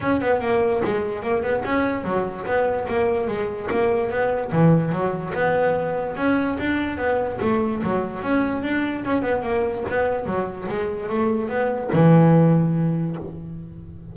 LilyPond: \new Staff \with { instrumentName = "double bass" } { \time 4/4 \tempo 4 = 146 cis'8 b8 ais4 gis4 ais8 b8 | cis'4 fis4 b4 ais4 | gis4 ais4 b4 e4 | fis4 b2 cis'4 |
d'4 b4 a4 fis4 | cis'4 d'4 cis'8 b8 ais4 | b4 fis4 gis4 a4 | b4 e2. | }